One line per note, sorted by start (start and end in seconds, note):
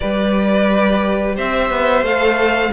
0.00 1.37 G3
0.00 2.05 G4
0.00 1.36 B4
0.00 1.35 D5
1.36 1.70 C4
1.36 2.72 C5
1.36 2.05 E5
1.70 2.02 B3
2.02 2.70 A3
2.02 2.73 A4
2.02 2.73 F5